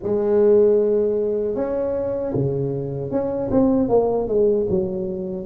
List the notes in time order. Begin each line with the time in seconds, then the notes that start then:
0.02 G#3
1.55 C#4
2.34 C#3
3.10 C#4
3.50 C4
3.89 A#3
4.28 G#3
4.69 F#3